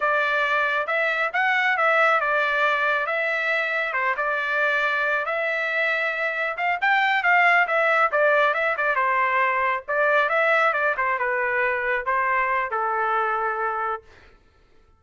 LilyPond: \new Staff \with { instrumentName = "trumpet" } { \time 4/4 \tempo 4 = 137 d''2 e''4 fis''4 | e''4 d''2 e''4~ | e''4 c''8 d''2~ d''8 | e''2. f''8 g''8~ |
g''8 f''4 e''4 d''4 e''8 | d''8 c''2 d''4 e''8~ | e''8 d''8 c''8 b'2 c''8~ | c''4 a'2. | }